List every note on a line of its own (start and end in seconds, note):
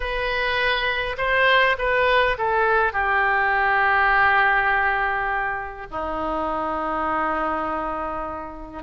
0.00 1.16 B4
1.17 1.76 C5
1.78 2.37 B4
2.38 2.93 A4
2.93 5.87 G4
5.90 8.83 D#4